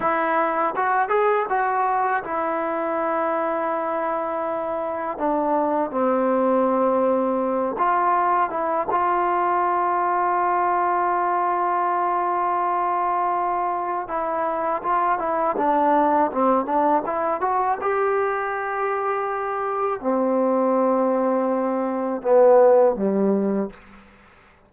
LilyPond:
\new Staff \with { instrumentName = "trombone" } { \time 4/4 \tempo 4 = 81 e'4 fis'8 gis'8 fis'4 e'4~ | e'2. d'4 | c'2~ c'8 f'4 e'8 | f'1~ |
f'2. e'4 | f'8 e'8 d'4 c'8 d'8 e'8 fis'8 | g'2. c'4~ | c'2 b4 g4 | }